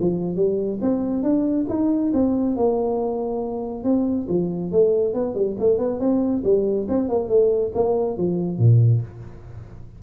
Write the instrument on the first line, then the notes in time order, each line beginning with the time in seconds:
tuba
0.00 F3
0.36 G3
0.81 C4
1.23 D4
1.69 D#4
2.13 C4
2.56 A#3
3.84 C4
4.29 F3
4.72 A3
5.14 B3
5.35 G3
5.59 A3
5.78 B3
6.00 C4
6.44 G3
6.88 C4
7.08 A#3
7.29 A3
7.74 A#3
8.17 F3
8.58 A#2